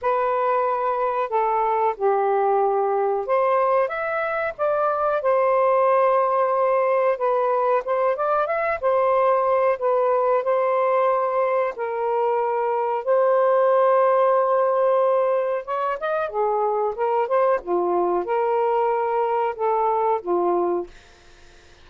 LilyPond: \new Staff \with { instrumentName = "saxophone" } { \time 4/4 \tempo 4 = 92 b'2 a'4 g'4~ | g'4 c''4 e''4 d''4 | c''2. b'4 | c''8 d''8 e''8 c''4. b'4 |
c''2 ais'2 | c''1 | cis''8 dis''8 gis'4 ais'8 c''8 f'4 | ais'2 a'4 f'4 | }